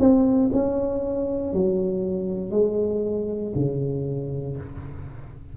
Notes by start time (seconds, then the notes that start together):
0.00 C4
0.53 C#4
1.54 F#3
2.51 G#3
3.55 C#3